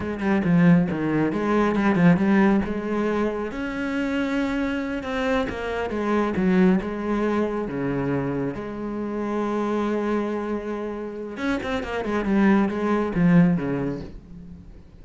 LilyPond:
\new Staff \with { instrumentName = "cello" } { \time 4/4 \tempo 4 = 137 gis8 g8 f4 dis4 gis4 | g8 f8 g4 gis2 | cis'2.~ cis'8 c'8~ | c'8 ais4 gis4 fis4 gis8~ |
gis4. cis2 gis8~ | gis1~ | gis2 cis'8 c'8 ais8 gis8 | g4 gis4 f4 cis4 | }